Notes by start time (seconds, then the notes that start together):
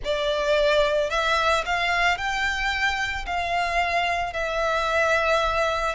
0.04 D5
1.10 E5
1.65 F5
2.17 G5
3.26 F5
4.33 E5